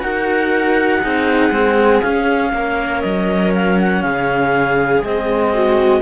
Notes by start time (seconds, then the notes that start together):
0.00 D#4 F#4 A#4 F#5
1.02 C4 D#4 G#4
1.50 G#3 C4
2.02 C#4 F5
2.53 A#3 A#4
3.01 F#3 D#5
3.55 F5
3.80 F#5
4.02 C#3 G#4 F5
5.02 G#3 C4 D#5
5.54 F#4